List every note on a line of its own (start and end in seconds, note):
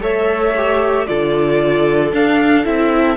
0.00 1.06 A3
0.00 0.53 A4
0.00 1.07 C#5
0.00 1.07 E5
0.57 1.06 G4
1.06 2.13 D3
1.06 2.12 F4
1.06 3.17 A4
1.06 2.12 D5
2.12 2.64 D4
2.12 2.65 D4
2.12 2.66 F5
2.64 3.17 C4
2.64 3.16 E4
2.64 3.17 E5